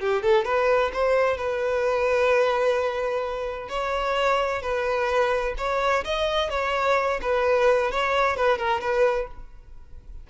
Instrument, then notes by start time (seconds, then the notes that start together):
violin
0.00 G4
0.23 A4
0.45 B4
0.93 C5
1.38 B4
3.69 C#5
4.62 B4
5.58 C#5
6.05 D#5
6.50 C#5
7.22 B4
7.91 C#5
8.36 B4
8.58 A#4
8.81 B4